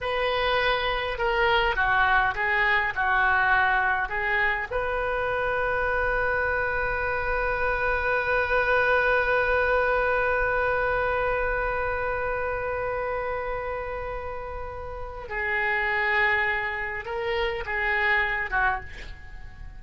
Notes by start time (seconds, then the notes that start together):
0.00 B4
1.18 A#4
1.75 F#4
2.34 G#4
2.95 F#4
4.08 G#4
4.71 B4
15.29 G#4
17.05 A#4
17.65 G#4
18.50 F#4